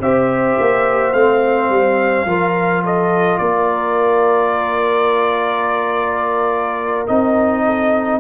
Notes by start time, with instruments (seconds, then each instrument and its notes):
0.00 tuba C4, trombone G4, horn C5, trumpet E5
0.59 tuba A#3
1.13 tuba A3, trombone C4, trumpet F5
1.69 tuba G3
2.25 tuba F3, trombone F4, horn A#4
2.83 horn A4, trumpet D#5
3.38 tuba A#3, horn A#4, trumpet D5
7.07 tuba C4, trombone D#4, trumpet D#5
7.64 horn A4